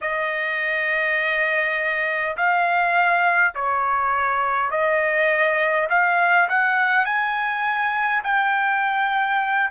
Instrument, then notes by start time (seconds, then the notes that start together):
trumpet
0.01 D#5
2.36 F5
3.55 C#5
4.71 D#5
5.89 F5
6.48 F#5
7.05 G#5
8.23 G5